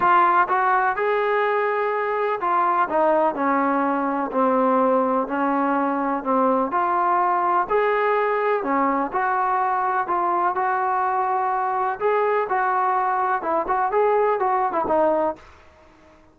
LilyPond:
\new Staff \with { instrumentName = "trombone" } { \time 4/4 \tempo 4 = 125 f'4 fis'4 gis'2~ | gis'4 f'4 dis'4 cis'4~ | cis'4 c'2 cis'4~ | cis'4 c'4 f'2 |
gis'2 cis'4 fis'4~ | fis'4 f'4 fis'2~ | fis'4 gis'4 fis'2 | e'8 fis'8 gis'4 fis'8. e'16 dis'4 | }